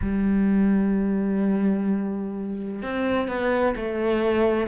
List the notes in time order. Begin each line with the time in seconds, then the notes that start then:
0.01 G3
2.82 C4
3.28 B3
3.75 A3